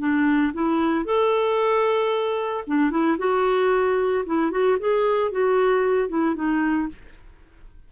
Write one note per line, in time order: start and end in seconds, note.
0.00 0.53 D4
0.54 1.05 E4
1.05 2.65 A4
2.67 2.91 D4
2.91 3.18 E4
3.19 4.25 F#4
4.26 4.51 E4
4.51 4.78 F#4
4.80 5.32 G#4
5.32 6.09 F#4
6.09 6.35 E4
6.35 6.89 D#4